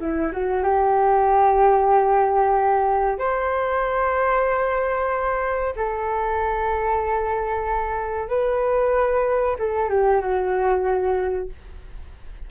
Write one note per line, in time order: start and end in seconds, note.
0.00 0.32 E4
0.32 0.63 F#4
0.63 3.19 G4
3.19 5.74 C5
5.76 8.29 A4
8.29 9.57 B4
9.59 9.89 A4
9.89 10.21 G4
10.21 11.49 F#4